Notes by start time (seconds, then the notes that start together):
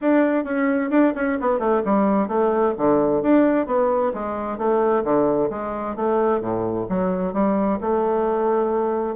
0.01 D4
0.44 C#4
0.90 D4
1.15 C#4
1.40 B3
1.59 A3
1.84 G3
2.28 A3
2.77 D3
3.22 D4
3.66 B3
4.13 G#3
4.58 A3
5.03 D3
5.50 G#3
5.96 A3
6.40 A2
6.89 F#3
7.33 G3
7.80 A3